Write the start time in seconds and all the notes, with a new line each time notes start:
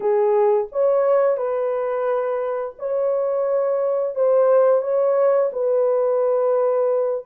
0.00 G#4
0.71 C#5
1.37 B4
2.78 C#5
4.15 C5
4.81 C#5
5.52 B4